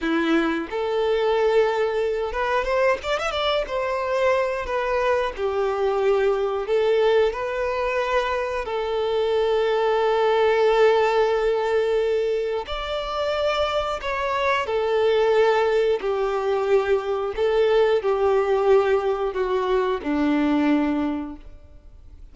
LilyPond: \new Staff \with { instrumentName = "violin" } { \time 4/4 \tempo 4 = 90 e'4 a'2~ a'8 b'8 | c''8 d''16 e''16 d''8 c''4. b'4 | g'2 a'4 b'4~ | b'4 a'2.~ |
a'2. d''4~ | d''4 cis''4 a'2 | g'2 a'4 g'4~ | g'4 fis'4 d'2 | }